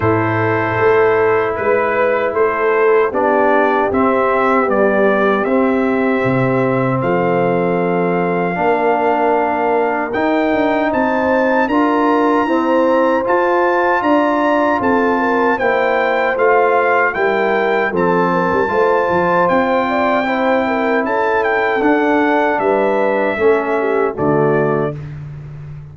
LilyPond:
<<
  \new Staff \with { instrumentName = "trumpet" } { \time 4/4 \tempo 4 = 77 c''2 b'4 c''4 | d''4 e''4 d''4 e''4~ | e''4 f''2.~ | f''4 g''4 a''4 ais''4~ |
ais''4 a''4 ais''4 a''4 | g''4 f''4 g''4 a''4~ | a''4 g''2 a''8 g''8 | fis''4 e''2 d''4 | }
  \new Staff \with { instrumentName = "horn" } { \time 4/4 a'2 b'4 a'4 | g'1~ | g'4 a'2 ais'4~ | ais'2 c''4 ais'4 |
c''2 d''4 a'8 ais'8 | c''2 ais'4 a'8 ais'8 | c''4. d''8 c''8 ais'8 a'4~ | a'4 b'4 a'8 g'8 fis'4 | }
  \new Staff \with { instrumentName = "trombone" } { \time 4/4 e'1 | d'4 c'4 g4 c'4~ | c'2. d'4~ | d'4 dis'2 f'4 |
c'4 f'2. | e'4 f'4 e'4 c'4 | f'2 e'2 | d'2 cis'4 a4 | }
  \new Staff \with { instrumentName = "tuba" } { \time 4/4 a,4 a4 gis4 a4 | b4 c'4 b4 c'4 | c4 f2 ais4~ | ais4 dis'8 d'8 c'4 d'4 |
e'4 f'4 d'4 c'4 | ais4 a4 g4 f8. g16 | a8 f8 c'2 cis'4 | d'4 g4 a4 d4 | }
>>